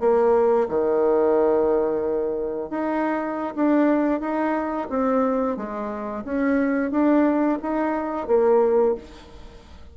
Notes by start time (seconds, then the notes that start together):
0.00 A#3
0.68 D#3
2.70 D#4
3.55 D4
4.20 D#4
4.90 C4
5.56 G#3
6.24 C#4
6.91 D4
7.62 D#4
8.27 A#3